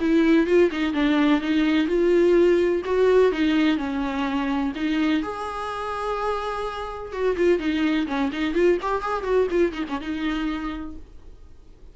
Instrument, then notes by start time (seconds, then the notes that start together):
viola
0.00 E4
0.46 F4
0.71 D#4
0.93 D4
1.41 D#4
1.87 F4
2.85 F#4
3.32 D#4
3.77 C#4
4.75 D#4
5.22 G#4
7.12 F#4
7.36 F4
7.59 D#4
8.07 C#4
8.32 D#4
8.54 F4
8.81 G4
9.01 G#4
9.23 F#4
9.50 F4
9.73 D#4
9.89 C#4
10.00 D#4